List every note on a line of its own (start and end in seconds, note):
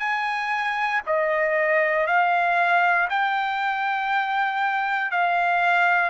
0.00 1.02 G#5
1.07 2.07 D#5
2.07 3.09 F5
3.10 5.11 G5
5.11 6.10 F5